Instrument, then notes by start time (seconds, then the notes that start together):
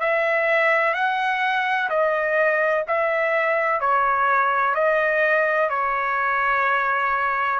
trumpet
0.00 E5
0.94 F#5
1.90 D#5
2.88 E5
3.81 C#5
4.75 D#5
5.70 C#5